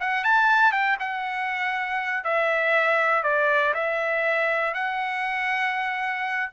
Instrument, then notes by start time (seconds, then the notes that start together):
trumpet
0.00 F#5
0.24 A5
0.72 G5
1.00 F#5
2.24 E5
3.23 D5
3.74 E5
4.74 F#5